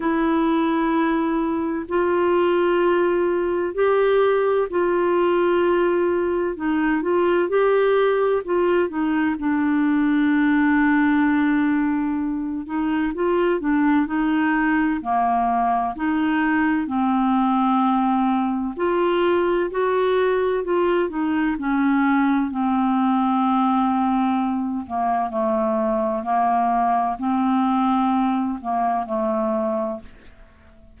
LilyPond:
\new Staff \with { instrumentName = "clarinet" } { \time 4/4 \tempo 4 = 64 e'2 f'2 | g'4 f'2 dis'8 f'8 | g'4 f'8 dis'8 d'2~ | d'4. dis'8 f'8 d'8 dis'4 |
ais4 dis'4 c'2 | f'4 fis'4 f'8 dis'8 cis'4 | c'2~ c'8 ais8 a4 | ais4 c'4. ais8 a4 | }